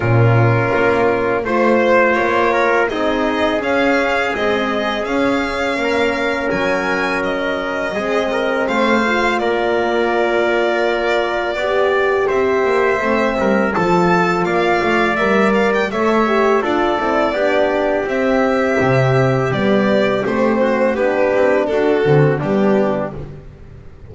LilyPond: <<
  \new Staff \with { instrumentName = "violin" } { \time 4/4 \tempo 4 = 83 ais'2 c''4 cis''4 | dis''4 f''4 dis''4 f''4~ | f''4 gis''4 dis''2 | f''4 d''2.~ |
d''4 e''2 a''4 | f''4 e''8 f''16 g''16 e''4 d''4~ | d''4 e''2 d''4 | c''4 b'4 a'4 g'4 | }
  \new Staff \with { instrumentName = "trumpet" } { \time 4/4 f'2 c''4. ais'8 | gis'1 | ais'2. gis'8 ais'8 | c''4 ais'2. |
d''4 c''4. ais'8 a'4 | d''2 cis''4 a'4 | g'1~ | g'8 fis'8 g'4 fis'4 d'4 | }
  \new Staff \with { instrumentName = "horn" } { \time 4/4 cis'2 f'2 | dis'4 cis'4 gis4 cis'4~ | cis'2. c'4~ | c'8 f'2.~ f'8 |
g'2 c'4 f'4~ | f'4 ais'4 a'8 g'8 f'8 e'8 | d'4 c'2 b4 | c'4 d'4. c'8 b4 | }
  \new Staff \with { instrumentName = "double bass" } { \time 4/4 ais,4 ais4 a4 ais4 | c'4 cis'4 c'4 cis'4 | ais4 fis2 gis4 | a4 ais2. |
b4 c'8 ais8 a8 g8 f4 | ais8 a8 g4 a4 d'8 c'8 | b4 c'4 c4 g4 | a4 b8 c'8 d'8 d8 g4 | }
>>